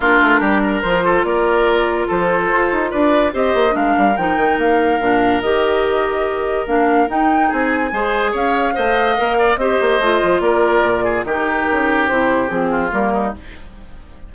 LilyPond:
<<
  \new Staff \with { instrumentName = "flute" } { \time 4/4 \tempo 4 = 144 ais'2 c''4 d''4~ | d''4 c''2 d''4 | dis''4 f''4 g''4 f''4~ | f''4 dis''2. |
f''4 g''4 gis''2 | f''2. dis''4~ | dis''4 d''2 ais'4~ | ais'4 c''4 gis'4 ais'4 | }
  \new Staff \with { instrumentName = "oboe" } { \time 4/4 f'4 g'8 ais'4 a'8 ais'4~ | ais'4 a'2 b'4 | c''4 ais'2.~ | ais'1~ |
ais'2 gis'4 c''4 | cis''4 dis''4. d''8 c''4~ | c''4 ais'4. gis'8 g'4~ | g'2~ g'8 f'4 dis'8 | }
  \new Staff \with { instrumentName = "clarinet" } { \time 4/4 d'2 f'2~ | f'1 | g'4 d'4 dis'2 | d'4 g'2. |
d'4 dis'2 gis'4~ | gis'4 c''4 ais'4 g'4 | f'2. dis'4~ | dis'4 e'4 c'4 ais4 | }
  \new Staff \with { instrumentName = "bassoon" } { \time 4/4 ais8 a8 g4 f4 ais4~ | ais4 f4 f'8 dis'8 d'4 | c'8 ais8 gis8 g8 f8 dis8 ais4 | ais,4 dis2. |
ais4 dis'4 c'4 gis4 | cis'4 a4 ais4 c'8 ais8 | a8 f8 ais4 ais,4 dis4 | cis4 c4 f4 g4 | }
>>